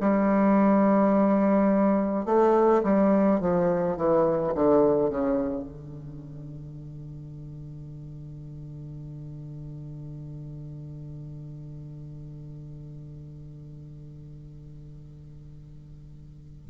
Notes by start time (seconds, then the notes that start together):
0.00 G3
2.26 A3
2.84 G3
3.40 F3
3.97 E3
4.55 D3
5.10 C#3
5.63 D3